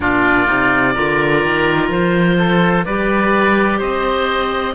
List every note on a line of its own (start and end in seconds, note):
0.00 0.47 A#2
0.00 0.46 D4
0.00 0.93 F4
0.00 1.88 D5
0.46 0.96 C3
0.46 0.93 D#4
0.93 1.44 D3
0.93 2.84 F4
0.93 2.36 A#4
1.44 1.89 D#3
1.89 2.84 F3
1.89 2.85 C5
2.38 2.85 A4
2.85 3.81 G3
2.85 4.74 G4
2.85 3.78 B4
2.85 3.80 D5
3.78 4.74 C4
3.78 4.73 C5
3.78 4.74 D#5